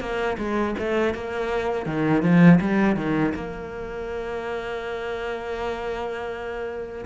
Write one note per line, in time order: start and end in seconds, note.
0.00 0.37 A#3
0.38 0.75 G#3
0.79 1.14 A3
1.14 1.86 A#3
1.86 2.22 D#3
2.22 2.59 F3
2.61 2.96 G3
2.96 3.33 D#3
3.34 7.05 A#3